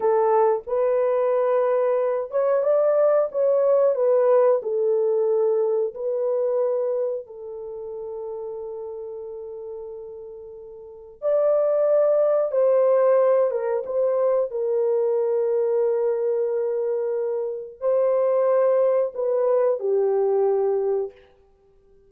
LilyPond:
\new Staff \with { instrumentName = "horn" } { \time 4/4 \tempo 4 = 91 a'4 b'2~ b'8 cis''8 | d''4 cis''4 b'4 a'4~ | a'4 b'2 a'4~ | a'1~ |
a'4 d''2 c''4~ | c''8 ais'8 c''4 ais'2~ | ais'2. c''4~ | c''4 b'4 g'2 | }